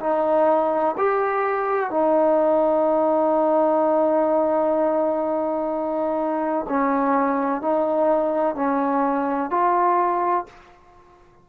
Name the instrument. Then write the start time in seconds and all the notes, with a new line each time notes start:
trombone
0.00 D#4
0.98 G4
1.90 D#4
6.69 C#4
7.61 D#4
8.55 C#4
9.51 F4